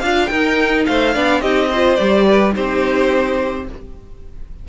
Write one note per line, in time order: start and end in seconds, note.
0.00 0.31 D4
0.00 0.31 F4
0.00 0.27 F5
0.06 0.30 F5
0.27 0.87 D#4
0.27 1.15 D#4
0.27 0.86 A#4
0.27 0.83 G5
0.86 1.16 A3
0.86 1.14 C5
0.86 1.42 F5
1.14 1.42 B3
1.14 1.43 D4
1.14 1.42 D5
1.42 1.98 C4
1.42 1.71 D#4
1.42 1.70 G4
1.42 1.96 D#5
1.71 1.99 F4
1.71 2.27 C5
1.96 2.56 G3
1.96 2.53 G4
1.96 2.52 D5
2.27 2.55 B4
2.53 3.69 C4
2.53 3.65 D#4
2.53 3.68 G4
2.53 3.68 C5